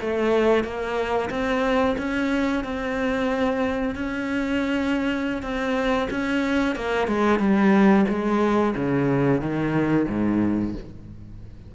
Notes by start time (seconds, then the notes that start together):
0.00 A3
0.64 A#3
1.30 C4
1.98 C#4
2.64 C4
3.95 C#4
5.42 C4
6.10 C#4
6.75 A#3
7.07 G#3
7.39 G3
8.09 G#3
8.75 C#3
9.41 D#3
10.08 G#2